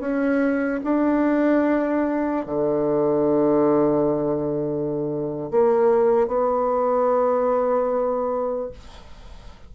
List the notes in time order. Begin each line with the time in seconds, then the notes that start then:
0.00 C#4
0.84 D4
2.46 D3
5.51 A#3
6.27 B3